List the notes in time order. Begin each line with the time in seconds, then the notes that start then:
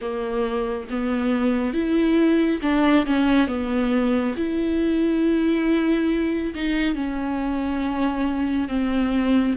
0.01 A#3
0.90 B3
1.73 E4
2.62 D4
3.06 C#4
3.47 B3
4.36 E4
6.55 D#4
6.94 C#4
8.68 C4